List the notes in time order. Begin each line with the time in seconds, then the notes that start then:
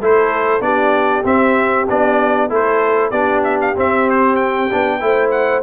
0.00 A3 E4 A4 C5
0.60 B3 D4 G4 D5
1.23 C4 E5
1.89 B3 D4 D5
2.49 A3 E4 A4 C5
3.10 B3 D4 G4 D5
3.43 E5
3.61 F5
3.76 C4 E5
4.09 C5
4.35 G5
4.71 B3 D4
5.00 A3 E4 C5
5.30 F#5